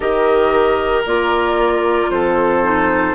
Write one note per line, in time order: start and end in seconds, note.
0.00 1.05 D#3
0.00 1.05 G4
0.00 2.10 A#4
0.00 1.02 D#5
1.05 2.09 A#3
1.05 2.63 F4
1.05 2.10 D5
2.09 3.14 F2
2.09 3.14 A4
2.09 3.14 C5
2.63 3.14 D#4